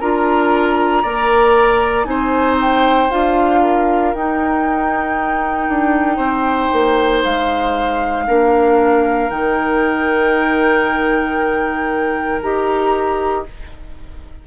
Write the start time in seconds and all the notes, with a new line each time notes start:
0.00 D4 F4 A#4 A#5
1.02 A#3 A#4 D5
2.04 C4 D#4 C5 G#5
2.60 G5
3.10 D4 F4 F5
3.61 A#4
4.14 D#4 G5
5.68 D4
6.16 C4 C5
6.72 A#3
7.23 G#3 F5
8.27 A#3 D4 A#4
9.30 D#3 D#4 G5
12.42 D#4 G4 A#5